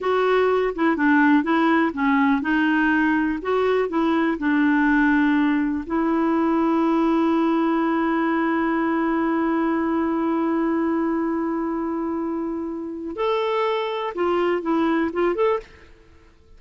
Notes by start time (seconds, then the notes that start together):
0.00 F#4
0.75 E4
0.96 D4
1.43 E4
1.93 C#4
2.41 D#4
3.42 F#4
3.88 E4
4.38 D4
5.86 E4
13.16 A4
14.14 F4
14.62 E4
15.12 F4
15.35 A4